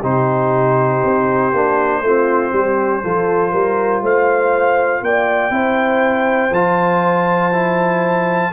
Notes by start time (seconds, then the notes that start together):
0.00 C3 D#4 G4 C5
1.04 C4
1.53 A#3 D4
2.02 A3 C4 F4
2.52 G3 G4
3.04 F3 F4 A4
3.52 G3 A#4
4.02 A3 C5 F5
5.02 A#3 D5 G5
5.50 C4 E4 C5
6.51 F3 F4 A5
7.53 E4